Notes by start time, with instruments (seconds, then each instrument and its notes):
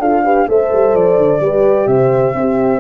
0.00 tuba D4, horn F4 A4, flute F5
0.24 horn G4 B4
0.48 tuba A3, horn A4 C5, flute E5
0.73 tuba G3
0.95 tuba F3, flute D5
1.17 tuba D3
1.40 tuba G3, horn G4 B4
1.87 tuba C3, horn C5, flute E5
2.34 tuba C4, horn C4 G4